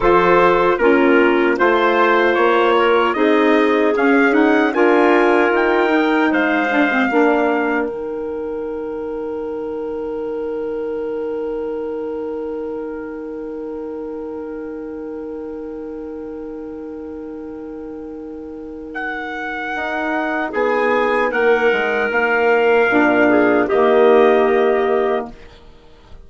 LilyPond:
<<
  \new Staff \with { instrumentName = "trumpet" } { \time 4/4 \tempo 4 = 76 c''4 ais'4 c''4 cis''4 | dis''4 f''8 fis''8 gis''4 g''4 | f''2 g''2~ | g''1~ |
g''1~ | g''1 | fis''2 gis''4 fis''4 | f''2 dis''2 | }
  \new Staff \with { instrumentName = "clarinet" } { \time 4/4 a'4 f'4 c''4. ais'8 | gis'2 ais'2 | c''4 ais'2.~ | ais'1~ |
ais'1~ | ais'1~ | ais'2 gis'4 ais'4~ | ais'4. gis'8 g'2 | }
  \new Staff \with { instrumentName = "saxophone" } { \time 4/4 f'4 cis'4 f'2 | dis'4 cis'8 dis'8 f'4. dis'8~ | dis'8 d'16 c'16 d'4 dis'2~ | dis'1~ |
dis'1~ | dis'1~ | dis'1~ | dis'4 d'4 ais2 | }
  \new Staff \with { instrumentName = "bassoon" } { \time 4/4 f4 ais4 a4 ais4 | c'4 cis'4 d'4 dis'4 | gis4 ais4 dis2~ | dis1~ |
dis1~ | dis1~ | dis4 dis'4 b4 ais8 gis8 | ais4 ais,4 dis2 | }
>>